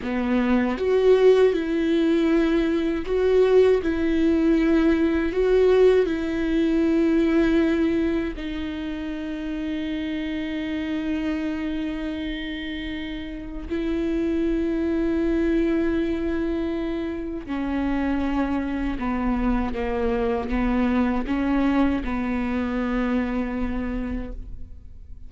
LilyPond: \new Staff \with { instrumentName = "viola" } { \time 4/4 \tempo 4 = 79 b4 fis'4 e'2 | fis'4 e'2 fis'4 | e'2. dis'4~ | dis'1~ |
dis'2 e'2~ | e'2. cis'4~ | cis'4 b4 ais4 b4 | cis'4 b2. | }